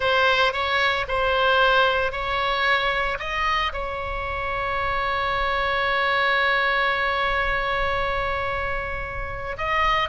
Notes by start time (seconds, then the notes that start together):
0.00 C5
0.52 C#5
1.08 C5
2.11 C#5
3.19 D#5
3.72 C#5
9.57 D#5